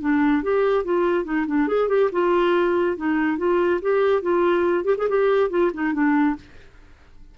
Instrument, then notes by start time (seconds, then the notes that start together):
clarinet
0.00 D4
0.42 G4
0.84 F4
1.24 D#4
1.46 D4
1.68 G#4
1.88 G4
2.12 F4
2.97 D#4
3.37 F4
3.81 G4
4.22 F4
4.84 G4
4.97 G#4
5.08 G4
5.50 F4
5.73 D#4
5.93 D4